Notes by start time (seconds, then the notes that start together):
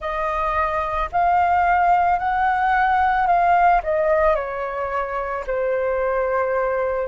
0.00 D#5
1.12 F5
2.18 F#5
3.26 F5
3.83 D#5
4.35 C#5
5.46 C5